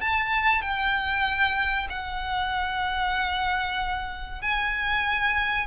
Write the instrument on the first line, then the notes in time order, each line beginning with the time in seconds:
violin
0.00 A5
0.61 G5
1.89 F#5
4.41 G#5